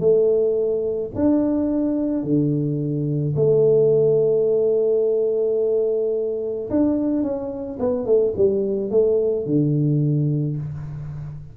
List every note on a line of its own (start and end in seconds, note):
0.00 1.11 A3
1.15 2.24 D4
2.24 3.35 D3
3.36 6.70 A3
6.70 7.23 D4
7.23 7.79 C#4
7.80 8.06 B3
8.06 8.34 A3
8.37 8.91 G3
8.91 9.46 A3
9.46 10.57 D3